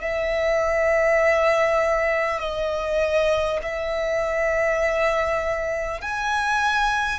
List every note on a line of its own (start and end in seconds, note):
0.00 2.39 E5
2.39 3.59 D#5
3.62 6.01 E5
6.01 7.19 G#5